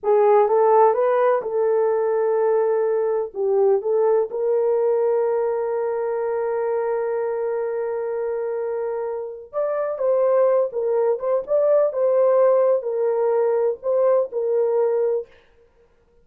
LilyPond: \new Staff \with { instrumentName = "horn" } { \time 4/4 \tempo 4 = 126 gis'4 a'4 b'4 a'4~ | a'2. g'4 | a'4 ais'2.~ | ais'1~ |
ais'1 | d''4 c''4. ais'4 c''8 | d''4 c''2 ais'4~ | ais'4 c''4 ais'2 | }